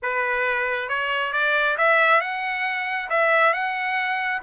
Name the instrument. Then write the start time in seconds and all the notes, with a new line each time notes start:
trumpet
0.02 B4
0.88 C#5
1.32 D5
1.77 E5
2.21 F#5
3.09 E5
3.53 F#5